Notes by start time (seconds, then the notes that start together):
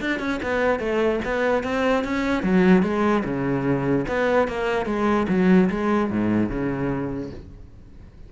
0.00 D4
0.19 C#4
0.42 B3
0.79 A3
1.24 B3
1.63 C4
2.04 C#4
2.43 F#3
2.82 G#3
3.24 C#3
4.08 B3
4.47 A#3
4.86 G#3
5.28 F#3
5.70 G#3
6.10 G#2
6.49 C#3